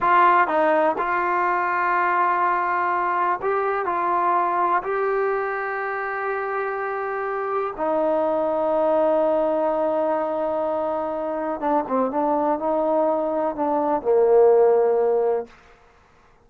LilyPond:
\new Staff \with { instrumentName = "trombone" } { \time 4/4 \tempo 4 = 124 f'4 dis'4 f'2~ | f'2. g'4 | f'2 g'2~ | g'1 |
dis'1~ | dis'1 | d'8 c'8 d'4 dis'2 | d'4 ais2. | }